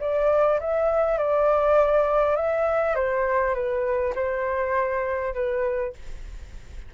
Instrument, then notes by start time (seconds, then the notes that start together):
flute
0.00 D5
0.60 E5
1.18 D5
2.36 E5
2.95 C5
3.54 B4
4.15 C5
5.34 B4